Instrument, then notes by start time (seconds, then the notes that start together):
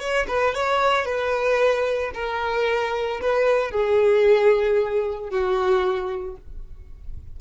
violin
0.00 C#5
0.28 B4
0.55 C#5
1.05 B4
2.15 A#4
3.21 B4
3.71 G#4
5.30 F#4